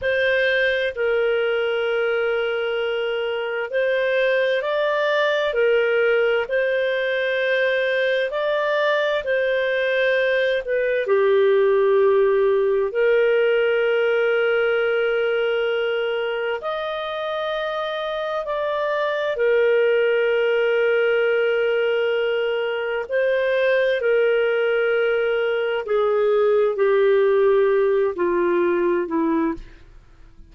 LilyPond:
\new Staff \with { instrumentName = "clarinet" } { \time 4/4 \tempo 4 = 65 c''4 ais'2. | c''4 d''4 ais'4 c''4~ | c''4 d''4 c''4. b'8 | g'2 ais'2~ |
ais'2 dis''2 | d''4 ais'2.~ | ais'4 c''4 ais'2 | gis'4 g'4. f'4 e'8 | }